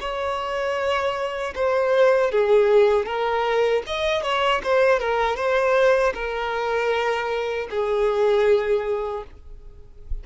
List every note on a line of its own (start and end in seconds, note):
0.00 1.54 C#5
1.55 2.31 C5
2.31 3.06 G#4
3.06 3.83 A#4
3.87 4.23 D#5
4.23 4.62 C#5
4.64 5.00 C5
5.00 5.36 A#4
5.36 6.13 C5
6.14 7.68 A#4
7.70 9.24 G#4